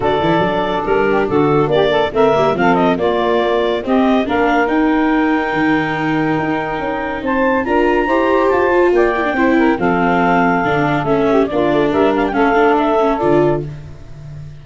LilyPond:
<<
  \new Staff \with { instrumentName = "clarinet" } { \time 4/4 \tempo 4 = 141 d''2 ais'4 a'4 | d''4 e''4 f''8 dis''8 d''4~ | d''4 dis''4 f''4 g''4~ | g''1~ |
g''4 a''4 ais''2 | a''4 g''2 f''4~ | f''2 e''4 d''4 | e''8 f''16 g''16 f''4 e''4 d''4 | }
  \new Staff \with { instrumentName = "saxophone" } { \time 4/4 a'2~ a'8 g'8 fis'4 | g'8 a'8 ais'4 a'4 f'4~ | f'4 g'4 ais'2~ | ais'1~ |
ais'4 c''4 ais'4 c''4~ | c''4 d''4 c''8 ais'8 a'4~ | a'2~ a'8 g'8 f'4 | ais'4 a'2. | }
  \new Staff \with { instrumentName = "viola" } { \time 4/4 fis'8 e'8 d'2.~ | d'4 c'8 ais8 c'4 ais4~ | ais4 c'4 d'4 dis'4~ | dis'1~ |
dis'2 f'4 g'4~ | g'8 f'4 e'16 d'16 e'4 c'4~ | c'4 d'4 cis'4 d'4~ | d'4 cis'8 d'4 cis'8 f'4 | }
  \new Staff \with { instrumentName = "tuba" } { \time 4/4 d8 e8 fis4 g4 d4 | ais4 a8 g8 f4 ais4~ | ais4 c'4 ais4 dis'4~ | dis'4 dis2 dis'4 |
cis'4 c'4 d'4 e'4 | f'4 ais4 c'4 f4~ | f4 d4 a4 ais8 a8 | g4 a2 d4 | }
>>